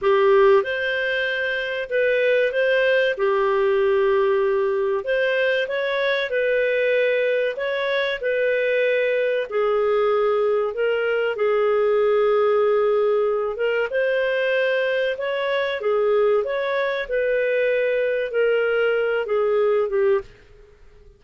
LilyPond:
\new Staff \with { instrumentName = "clarinet" } { \time 4/4 \tempo 4 = 95 g'4 c''2 b'4 | c''4 g'2. | c''4 cis''4 b'2 | cis''4 b'2 gis'4~ |
gis'4 ais'4 gis'2~ | gis'4. ais'8 c''2 | cis''4 gis'4 cis''4 b'4~ | b'4 ais'4. gis'4 g'8 | }